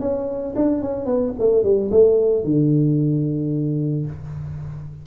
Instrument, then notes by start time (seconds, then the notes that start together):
tuba
0.00 C#4
0.55 D4
0.82 C#4
1.05 B3
1.39 A3
1.63 G3
1.91 A3
2.44 D3